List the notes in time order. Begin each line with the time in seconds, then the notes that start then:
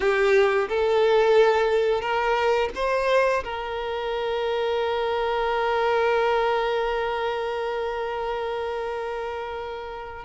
0.00 G4
0.68 A4
2.01 A#4
2.75 C5
3.44 A#4